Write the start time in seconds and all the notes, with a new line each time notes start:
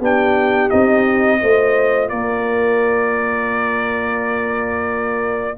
0.00 B3 D4 G4 G5
0.70 C4 D#4 D#5
1.40 A3 F4 C5
2.09 A#3 A#4 D5